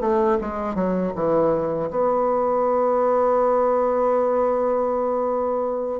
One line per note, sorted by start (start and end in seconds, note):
0.00 0.38 A3
0.41 0.75 G#3
0.75 1.12 F#3
1.15 1.90 E3
1.90 6.00 B3